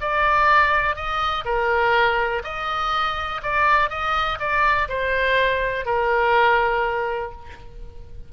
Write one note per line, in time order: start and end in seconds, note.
0.00 0.95 D5
0.95 1.44 D#5
1.45 2.42 A#4
2.43 3.41 D#5
3.42 3.90 D5
3.90 4.38 D#5
4.39 4.88 D5
4.88 5.85 C5
5.85 7.31 A#4